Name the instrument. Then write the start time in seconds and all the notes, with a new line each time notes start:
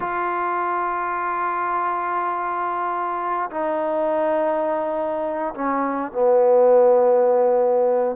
trombone
0.00 F4
3.50 D#4
5.54 C#4
6.12 B3